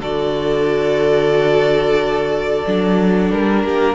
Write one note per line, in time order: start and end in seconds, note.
0.00 2.64 D3
0.00 2.66 F#4
0.00 3.63 A4
0.00 3.32 D5
2.67 3.32 F#3
2.67 3.96 D4
3.32 3.64 G3
3.32 3.96 A#4
3.64 3.96 A#3
3.64 3.96 G4